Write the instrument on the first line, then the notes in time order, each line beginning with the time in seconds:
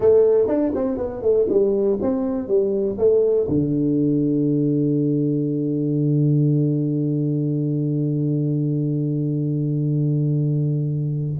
tuba
0.00 A3
0.47 D4
0.74 C4
0.97 B3
1.21 A3
1.49 G3
2.01 C4
2.47 G3
2.98 A3
3.48 D3